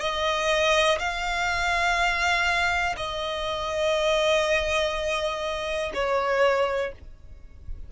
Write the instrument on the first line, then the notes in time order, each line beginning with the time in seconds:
violin
0.00 D#5
0.99 F5
2.97 D#5
5.94 C#5